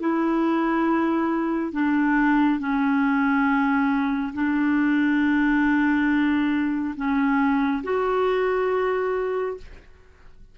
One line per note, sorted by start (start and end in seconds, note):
0.00 1.72 E4
1.72 2.59 D4
2.59 4.33 C#4
4.34 6.95 D4
6.96 7.83 C#4
7.84 9.58 F#4